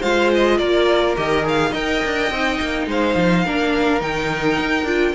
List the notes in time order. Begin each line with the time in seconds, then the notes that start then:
0.00 G#3 F4 C5 F5
0.35 D#5
0.58 A#3 A#4 D5
1.16 D#3 G4 D#5
1.43 G#4 F5
1.70 D#4 A#4 D#5 G5
2.05 D4
2.30 C4 D#4
2.60 A#3
2.87 G#3 C5 F5
3.16 F3
3.45 A#3 D4 A#4
4.00 D#3 D#4 G5
4.60 D#4
4.84 D4 F4